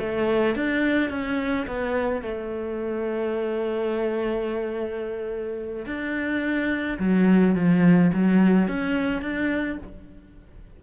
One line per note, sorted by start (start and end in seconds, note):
0.00 0.56 A3
0.56 1.10 D4
1.10 1.66 C#4
1.67 2.22 B3
2.22 5.86 A3
5.86 6.98 D4
6.99 7.55 F#3
7.56 8.12 F3
8.13 8.68 F#3
8.68 9.22 C#4
9.22 9.78 D4